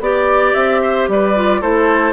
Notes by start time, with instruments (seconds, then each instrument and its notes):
0.00 bassoon B3, clarinet G4, flute D5, oboe D5
0.54 bassoon C4, flute E5
0.82 oboe C5
1.08 bassoon G3, oboe B4, flute D5
1.35 clarinet F4
1.61 bassoon A3, clarinet E4, oboe A4, flute C5